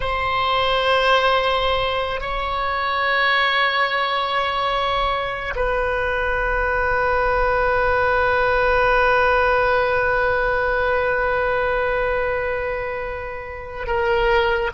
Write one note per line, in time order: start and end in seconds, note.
0.00 2.20 C5
2.20 5.54 C#5
5.56 13.86 B4
13.86 14.70 A#4